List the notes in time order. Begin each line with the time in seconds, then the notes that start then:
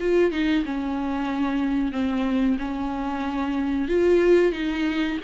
0.00 F4
0.31 D#4
0.65 C#4
1.92 C4
2.58 C#4
3.88 F4
4.52 D#4